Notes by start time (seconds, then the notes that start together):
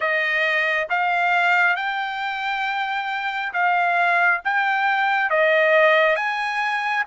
0.00 D#5
0.89 F5
1.76 G5
3.53 F5
4.44 G5
5.29 D#5
6.15 G#5